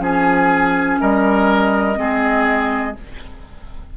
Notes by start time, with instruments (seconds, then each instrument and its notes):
0.00 bassoon F3, clarinet C#4, oboe G#4, flute G#5
1.00 bassoon G3, oboe A#4, flute D#5
1.96 bassoon G#3, clarinet C4, oboe G#4